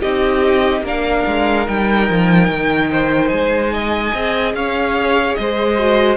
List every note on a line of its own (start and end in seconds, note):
0.00 0.81 C4
0.00 0.84 D#4
0.00 0.82 G4
0.00 0.84 D#5
0.81 1.22 A#3
0.81 1.66 D4
0.81 2.91 A#4
0.87 1.68 F5
1.26 1.67 G#3
1.66 2.09 G3
1.66 4.12 D#4
1.66 3.29 G5
2.09 2.49 F3
2.49 3.31 D#3
2.91 3.73 C5
3.29 4.13 G#3
3.29 4.52 G#5
3.73 4.55 D#5
4.14 4.54 C4
4.14 5.78 G#4
4.54 5.36 C#4
4.54 5.39 C#5
4.54 5.35 F5
5.35 6.17 G#3
5.35 6.17 C5
5.35 6.17 D#5
5.78 6.17 F#4